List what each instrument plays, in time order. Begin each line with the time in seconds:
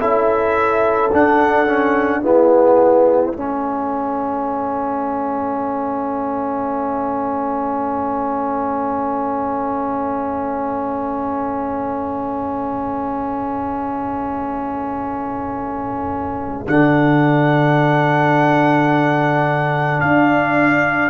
0.00 tuba C#4, trombone E4, horn A4, trumpet E5
1.12 trombone D4, tuba D4, trumpet F#5
1.67 trombone C#4
2.22 trombone B3, tuba E4, horn G#4, trumpet E5
3.33 tuba A3, trombone C#4, horn A4
16.68 tuba D3, trombone D4, trumpet F#5
20.01 tuba D4, trumpet F5